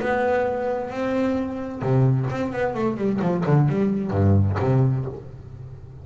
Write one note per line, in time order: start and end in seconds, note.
0.00 0.91 B3
0.91 1.82 C4
1.82 2.28 C3
2.30 2.53 C4
2.53 2.74 B3
2.74 2.97 A3
2.98 3.20 G3
3.22 3.45 F3
3.46 3.69 D3
3.69 4.11 G3
4.11 4.57 G2
4.60 5.06 C3